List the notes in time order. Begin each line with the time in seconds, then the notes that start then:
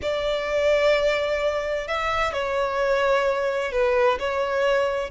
0.02 D5
1.87 E5
2.32 C#5
3.71 B4
4.19 C#5